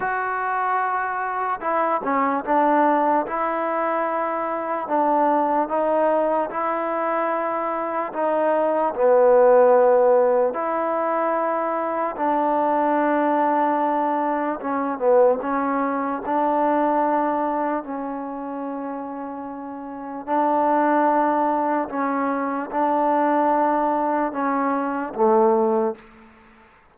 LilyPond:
\new Staff \with { instrumentName = "trombone" } { \time 4/4 \tempo 4 = 74 fis'2 e'8 cis'8 d'4 | e'2 d'4 dis'4 | e'2 dis'4 b4~ | b4 e'2 d'4~ |
d'2 cis'8 b8 cis'4 | d'2 cis'2~ | cis'4 d'2 cis'4 | d'2 cis'4 a4 | }